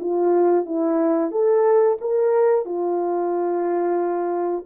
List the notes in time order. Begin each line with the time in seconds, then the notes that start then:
0.00 F4
0.66 E4
1.31 A4
2.01 A#4
2.65 F4